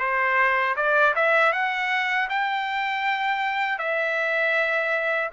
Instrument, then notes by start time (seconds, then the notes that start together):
trumpet
0.00 C5
0.77 D5
1.16 E5
1.53 F#5
2.30 G5
3.79 E5